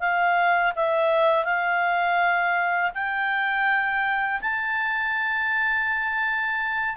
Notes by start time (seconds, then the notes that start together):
0.00 F5
0.76 E5
1.45 F5
2.94 G5
4.41 A5